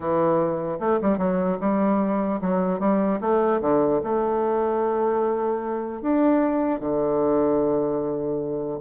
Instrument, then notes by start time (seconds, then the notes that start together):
bassoon
0.00 E3
0.79 A3
1.01 G3
1.18 F#3
1.60 G3
2.41 F#3
2.79 G3
3.21 A3
3.61 D3
4.03 A3
6.01 D4
6.80 D3